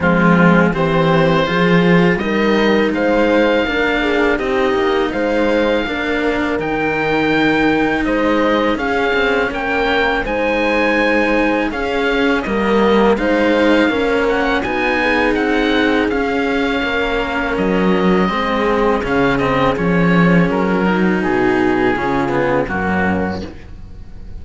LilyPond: <<
  \new Staff \with { instrumentName = "oboe" } { \time 4/4 \tempo 4 = 82 f'4 c''2 dis''4 | f''2 dis''4 f''4~ | f''4 g''2 dis''4 | f''4 g''4 gis''2 |
f''4 dis''4 f''4. fis''8 | gis''4 fis''4 f''2 | dis''2 f''8 dis''8 cis''4 | ais'4 gis'2 fis'4 | }
  \new Staff \with { instrumentName = "horn" } { \time 4/4 c'4 g'4 gis'4 ais'4 | c''4 ais'8 gis'8 g'4 c''4 | ais'2. c''4 | gis'4 ais'4 c''2 |
gis'4 ais'4 c''4 ais'4 | fis'8 gis'2~ gis'8 ais'4~ | ais'4 gis'2.~ | gis'8 fis'4. f'4 cis'4 | }
  \new Staff \with { instrumentName = "cello" } { \time 4/4 gis4 c'4 f'4 dis'4~ | dis'4 d'4 dis'2 | d'4 dis'2. | cis'2 dis'2 |
cis'4 ais4 dis'4 cis'4 | dis'2 cis'2~ | cis'4 c'4 cis'8 c'8 cis'4~ | cis'8 dis'4. cis'8 b8 ais4 | }
  \new Staff \with { instrumentName = "cello" } { \time 4/4 f4 e4 f4 g4 | gis4 ais4 c'8 ais8 gis4 | ais4 dis2 gis4 | cis'8 c'8 ais4 gis2 |
cis'4 g4 gis4 ais4 | b4 c'4 cis'4 ais4 | fis4 gis4 cis4 f4 | fis4 b,4 cis4 fis,4 | }
>>